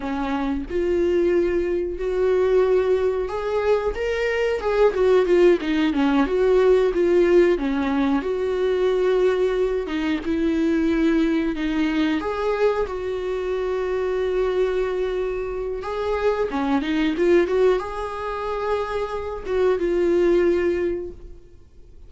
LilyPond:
\new Staff \with { instrumentName = "viola" } { \time 4/4 \tempo 4 = 91 cis'4 f'2 fis'4~ | fis'4 gis'4 ais'4 gis'8 fis'8 | f'8 dis'8 cis'8 fis'4 f'4 cis'8~ | cis'8 fis'2~ fis'8 dis'8 e'8~ |
e'4. dis'4 gis'4 fis'8~ | fis'1 | gis'4 cis'8 dis'8 f'8 fis'8 gis'4~ | gis'4. fis'8 f'2 | }